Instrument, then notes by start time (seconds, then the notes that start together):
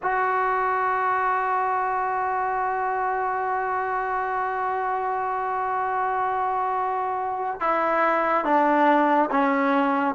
trombone
0.02 F#4
7.60 E4
8.45 D4
9.30 C#4